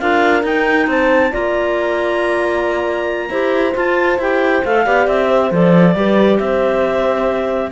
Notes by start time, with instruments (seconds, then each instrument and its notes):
0.00 cello D4, clarinet F4 F5, horn A#4
0.42 clarinet D#4 G5, cello D#4
0.87 cello C4, horn C5, clarinet A5
1.31 cello A#3, clarinet F4 A#5, horn D5
3.29 cello E4, clarinet G4, horn C5
3.73 clarinet F4 A5, cello F4
4.18 cello E4, clarinet G4 G5
4.64 cello A3, clarinet A4 F5
4.85 cello B3, clarinet G4, horn D5
5.07 cello C4, clarinet E5
5.29 horn C5
5.51 cello F3, clarinet A4 D5
5.95 cello G3, clarinet G4, horn B4
6.39 cello C4, horn C5, clarinet E5